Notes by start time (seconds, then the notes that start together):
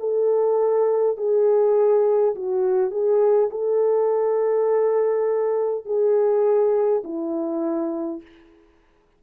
0.00 A4
1.18 G#4
2.35 F#4
2.91 G#4
3.51 A4
5.86 G#4
7.04 E4